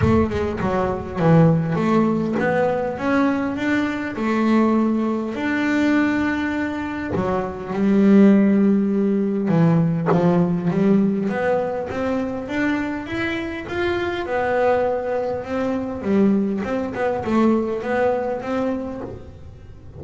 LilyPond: \new Staff \with { instrumentName = "double bass" } { \time 4/4 \tempo 4 = 101 a8 gis8 fis4 e4 a4 | b4 cis'4 d'4 a4~ | a4 d'2. | fis4 g2. |
e4 f4 g4 b4 | c'4 d'4 e'4 f'4 | b2 c'4 g4 | c'8 b8 a4 b4 c'4 | }